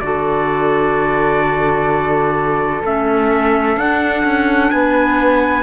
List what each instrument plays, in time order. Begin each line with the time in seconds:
0.00 cello D3, clarinet F#4, flute A4, trumpet D5
2.83 cello A3, clarinet C#4, trumpet E5
3.77 cello D4, clarinet D4, trumpet F#5
4.24 cello C#4
4.71 cello B3, flute B4, trumpet G#5